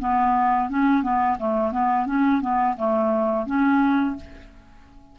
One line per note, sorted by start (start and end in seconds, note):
0.00 0.70 B3
0.70 1.03 C#4
1.03 1.38 B3
1.39 1.72 A3
1.72 2.07 B3
2.07 2.42 C#4
2.42 2.77 B3
2.77 3.47 A3
3.47 4.16 C#4